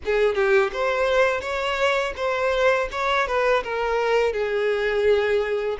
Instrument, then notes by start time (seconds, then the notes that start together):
violin
0.05 G#4
0.34 G4
0.72 C5
1.41 C#5
2.16 C5
2.91 C#5
3.27 B4
3.63 A#4
4.32 G#4